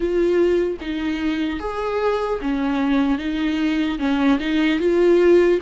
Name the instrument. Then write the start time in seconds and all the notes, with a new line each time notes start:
viola
0.00 F4
0.80 D#4
1.59 G#4
2.41 C#4
3.18 D#4
3.98 C#4
4.39 D#4
4.79 F4